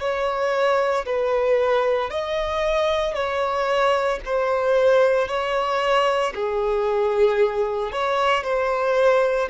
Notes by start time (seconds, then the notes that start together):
0.00 C#5
1.06 B4
2.10 D#5
3.15 C#5
4.25 C5
5.28 C#5
6.34 G#4
7.92 C#5
8.44 C5